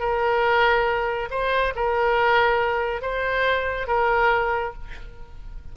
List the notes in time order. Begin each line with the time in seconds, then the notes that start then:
0.00 A#4
1.31 C5
1.76 A#4
3.02 C5
3.88 A#4